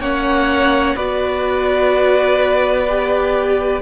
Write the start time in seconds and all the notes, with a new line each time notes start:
0.00 A#3 C#4 C#5 F#5
0.96 B3 F#4 B4 D5
2.89 G4